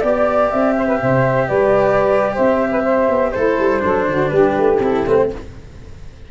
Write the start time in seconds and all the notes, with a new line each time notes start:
0.00 B3 G4 D5
0.50 C4 E5
0.78 C5
0.87 B4
1.02 C3 C5
1.47 G3 B4 D5
2.33 C4 C5 E5
2.71 B4
2.83 C5
3.09 B3
3.32 A3 E4 A4 C5
3.59 G3
3.80 F#3 D4 A4
4.08 D3 F#4
4.29 G3 G4 B4
4.58 A3
4.80 C4 E4 A4
5.06 A3 C4 B4
5.16 C5